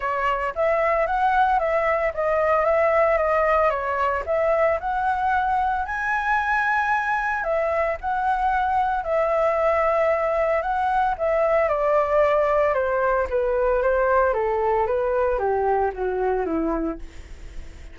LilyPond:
\new Staff \with { instrumentName = "flute" } { \time 4/4 \tempo 4 = 113 cis''4 e''4 fis''4 e''4 | dis''4 e''4 dis''4 cis''4 | e''4 fis''2 gis''4~ | gis''2 e''4 fis''4~ |
fis''4 e''2. | fis''4 e''4 d''2 | c''4 b'4 c''4 a'4 | b'4 g'4 fis'4 e'4 | }